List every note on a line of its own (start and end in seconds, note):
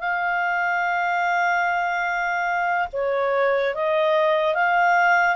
0.00 2.88 F5
2.93 3.75 C#5
3.75 4.55 D#5
4.55 5.36 F5